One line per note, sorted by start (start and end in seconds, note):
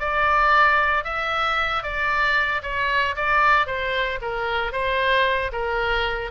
0.00 1.05 D5
1.05 1.83 E5
1.83 2.62 D5
2.63 3.16 C#5
3.16 3.67 D5
3.67 4.19 C5
4.22 4.72 A#4
4.72 5.51 C5
5.52 6.31 A#4